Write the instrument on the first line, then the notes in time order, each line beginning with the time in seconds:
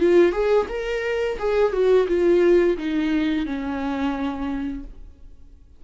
viola
0.00 F4
0.32 G#4
0.69 A#4
1.39 G#4
1.73 F#4
2.08 F4
2.77 D#4
3.46 C#4